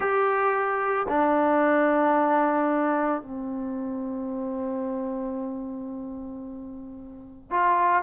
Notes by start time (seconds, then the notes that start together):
0.00 G4
1.08 D4
3.21 C4
7.50 F4